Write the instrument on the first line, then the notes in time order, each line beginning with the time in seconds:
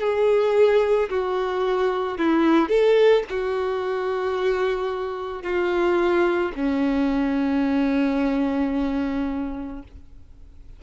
violin
0.00 G#4
1.10 F#4
2.18 E4
2.69 A4
3.30 F#4
5.42 F4
6.56 C#4